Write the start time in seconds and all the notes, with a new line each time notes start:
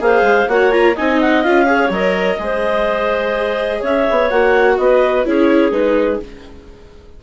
0.00 A#3 G#4 C5 F5
0.22 G#3
0.48 A#3 F#4 C#5 F#5
0.72 F4 A#5
0.95 C4 D#4 D#5 G#5
1.21 F#5
1.43 C#4 F4 F5
1.66 G#4 C#5
1.90 F#3 A#4 D#5
2.39 G#3 G#4 C5
3.79 C#4 C#5 E5
4.11 B3
4.30 A#3 F#4 F#5
4.78 B3 B4 D#5
5.25 C#4 E4 G#4 C#5
5.71 G#3 D#4 B4